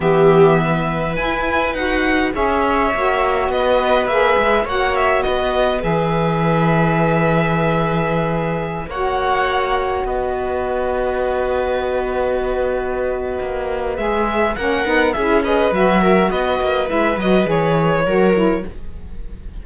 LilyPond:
<<
  \new Staff \with { instrumentName = "violin" } { \time 4/4 \tempo 4 = 103 e''2 gis''4 fis''4 | e''2 dis''4 e''4 | fis''8 e''8 dis''4 e''2~ | e''2.~ e''16 fis''8.~ |
fis''4~ fis''16 dis''2~ dis''8.~ | dis''1 | e''4 fis''4 e''8 dis''8 e''4 | dis''4 e''8 dis''8 cis''2 | }
  \new Staff \with { instrumentName = "viola" } { \time 4/4 g'4 b'2. | cis''2 b'2 | cis''4 b'2.~ | b'2.~ b'16 cis''8.~ |
cis''4~ cis''16 b'2~ b'8.~ | b'1~ | b'4 ais'4 gis'8 b'4 ais'8 | b'2. ais'4 | }
  \new Staff \with { instrumentName = "saxophone" } { \time 4/4 b2 e'4 fis'4 | gis'4 fis'2 gis'4 | fis'2 gis'2~ | gis'2.~ gis'16 fis'8.~ |
fis'1~ | fis'1 | gis'4 cis'8 dis'8 e'8 gis'8 fis'4~ | fis'4 e'8 fis'8 gis'4 fis'8 e'8 | }
  \new Staff \with { instrumentName = "cello" } { \time 4/4 e2 e'4 dis'4 | cis'4 ais4 b4 ais8 gis8 | ais4 b4 e2~ | e2.~ e16 ais8.~ |
ais4~ ais16 b2~ b8.~ | b2. ais4 | gis4 ais8 b8 cis'4 fis4 | b8 ais8 gis8 fis8 e4 fis4 | }
>>